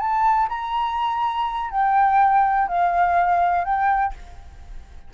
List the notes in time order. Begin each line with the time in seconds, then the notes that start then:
0.00 A5
0.49 A#5
1.71 G5
2.68 F5
3.65 G5